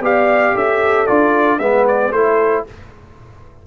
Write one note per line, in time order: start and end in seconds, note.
0.00 0.53 B3
0.00 1.07 G4
0.00 0.54 D5
0.00 0.57 F5
0.54 1.07 C#4
0.54 1.59 A4
0.54 1.06 E5
1.06 1.59 D4
1.06 1.59 F4
1.06 1.59 D5
1.59 2.11 G#3
1.59 2.13 B3
1.59 2.12 B4
1.59 1.85 E5
1.87 2.12 D5
2.11 2.64 A3
2.11 2.66 E4
2.11 2.65 A4
2.11 2.64 C5